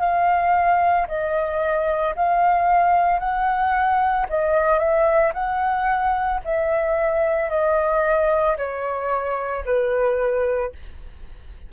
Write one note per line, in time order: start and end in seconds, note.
0.00 1.07 F5
1.08 2.15 D#5
2.16 3.19 F5
3.19 4.27 F#5
4.30 4.79 D#5
4.79 5.33 E5
5.34 6.41 F#5
6.45 7.50 E5
7.50 8.57 D#5
8.58 9.65 C#5
9.66 10.73 B4